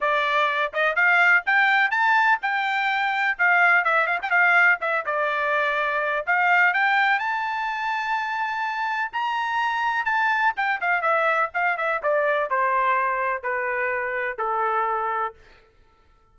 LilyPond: \new Staff \with { instrumentName = "trumpet" } { \time 4/4 \tempo 4 = 125 d''4. dis''8 f''4 g''4 | a''4 g''2 f''4 | e''8 f''16 g''16 f''4 e''8 d''4.~ | d''4 f''4 g''4 a''4~ |
a''2. ais''4~ | ais''4 a''4 g''8 f''8 e''4 | f''8 e''8 d''4 c''2 | b'2 a'2 | }